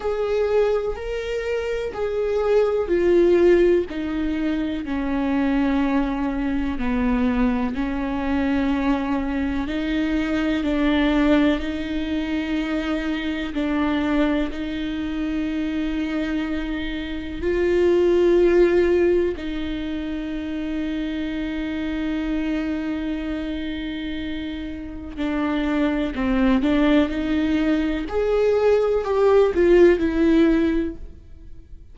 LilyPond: \new Staff \with { instrumentName = "viola" } { \time 4/4 \tempo 4 = 62 gis'4 ais'4 gis'4 f'4 | dis'4 cis'2 b4 | cis'2 dis'4 d'4 | dis'2 d'4 dis'4~ |
dis'2 f'2 | dis'1~ | dis'2 d'4 c'8 d'8 | dis'4 gis'4 g'8 f'8 e'4 | }